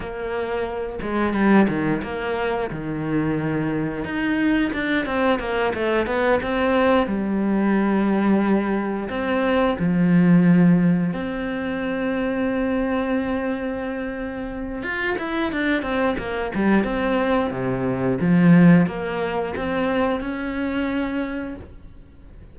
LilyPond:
\new Staff \with { instrumentName = "cello" } { \time 4/4 \tempo 4 = 89 ais4. gis8 g8 dis8 ais4 | dis2 dis'4 d'8 c'8 | ais8 a8 b8 c'4 g4.~ | g4. c'4 f4.~ |
f8 c'2.~ c'8~ | c'2 f'8 e'8 d'8 c'8 | ais8 g8 c'4 c4 f4 | ais4 c'4 cis'2 | }